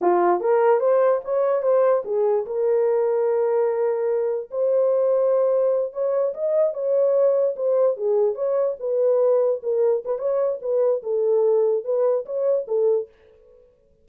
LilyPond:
\new Staff \with { instrumentName = "horn" } { \time 4/4 \tempo 4 = 147 f'4 ais'4 c''4 cis''4 | c''4 gis'4 ais'2~ | ais'2. c''4~ | c''2~ c''8 cis''4 dis''8~ |
dis''8 cis''2 c''4 gis'8~ | gis'8 cis''4 b'2 ais'8~ | ais'8 b'8 cis''4 b'4 a'4~ | a'4 b'4 cis''4 a'4 | }